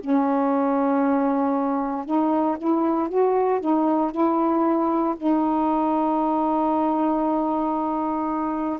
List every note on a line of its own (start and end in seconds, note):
0.00 2.05 C#4
2.05 2.57 D#4
2.58 3.09 E4
3.09 3.60 F#4
3.60 4.12 D#4
4.12 5.15 E4
5.17 8.79 D#4